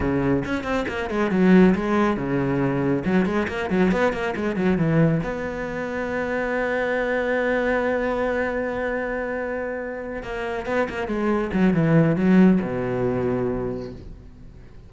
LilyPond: \new Staff \with { instrumentName = "cello" } { \time 4/4 \tempo 4 = 138 cis4 cis'8 c'8 ais8 gis8 fis4 | gis4 cis2 fis8 gis8 | ais8 fis8 b8 ais8 gis8 fis8 e4 | b1~ |
b1~ | b2.~ b8 ais8~ | ais8 b8 ais8 gis4 fis8 e4 | fis4 b,2. | }